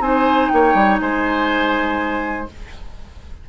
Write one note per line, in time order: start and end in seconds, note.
0.00 0.49 C4
0.00 2.47 D#4
0.00 0.51 C5
0.00 0.49 G#5
0.49 0.74 A#3
0.49 1.02 C#5
0.49 0.98 G5
0.74 0.99 G3
1.01 2.49 G#3
1.01 2.49 C5
1.01 2.48 G#5